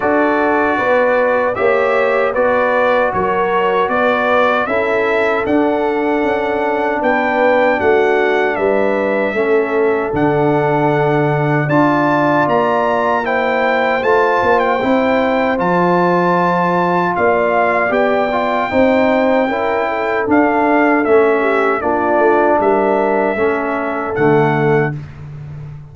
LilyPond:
<<
  \new Staff \with { instrumentName = "trumpet" } { \time 4/4 \tempo 4 = 77 d''2 e''4 d''4 | cis''4 d''4 e''4 fis''4~ | fis''4 g''4 fis''4 e''4~ | e''4 fis''2 a''4 |
ais''4 g''4 a''8. g''4~ g''16 | a''2 f''4 g''4~ | g''2 f''4 e''4 | d''4 e''2 fis''4 | }
  \new Staff \with { instrumentName = "horn" } { \time 4/4 a'4 b'4 cis''4 b'4 | ais'4 b'4 a'2~ | a'4 b'4 fis'4 b'4 | a'2. d''4~ |
d''4 c''2.~ | c''2 d''2 | c''4 ais'8 a'2 g'8 | f'4 ais'4 a'2 | }
  \new Staff \with { instrumentName = "trombone" } { \time 4/4 fis'2 g'4 fis'4~ | fis'2 e'4 d'4~ | d'1 | cis'4 d'2 f'4~ |
f'4 e'4 f'4 e'4 | f'2. g'8 f'8 | dis'4 e'4 d'4 cis'4 | d'2 cis'4 a4 | }
  \new Staff \with { instrumentName = "tuba" } { \time 4/4 d'4 b4 ais4 b4 | fis4 b4 cis'4 d'4 | cis'4 b4 a4 g4 | a4 d2 d'4 |
ais2 a8 ais8 c'4 | f2 ais4 b4 | c'4 cis'4 d'4 a4 | ais8 a8 g4 a4 d4 | }
>>